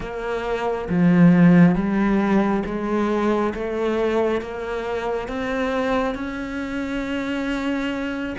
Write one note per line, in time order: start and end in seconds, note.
0.00 0.88 A#3
0.89 1.74 F3
1.74 2.63 G3
2.65 3.53 G#3
3.54 4.41 A3
4.41 5.27 A#3
5.27 6.14 C4
6.14 8.35 C#4